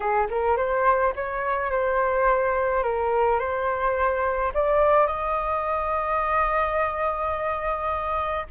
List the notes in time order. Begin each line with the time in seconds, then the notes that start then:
0.00 G#4
0.30 A#4
0.57 C5
1.15 C#5
1.71 C5
2.83 A#4
3.39 C5
4.54 D5
5.06 D#5